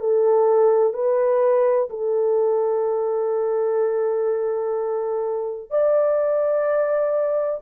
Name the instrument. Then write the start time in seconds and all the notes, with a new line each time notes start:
horn
0.00 A4
0.94 B4
1.90 A4
5.71 D5